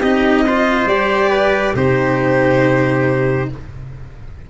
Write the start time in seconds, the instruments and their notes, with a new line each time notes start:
0.00 tuba C4, cello D#4, trumpet G4, violin D#5
0.46 cello F4, trumpet C5
0.86 tuba G3, cello G4, violin D5
1.29 trumpet B4
1.74 tuba C3, cello D#4, trumpet G4, violin C5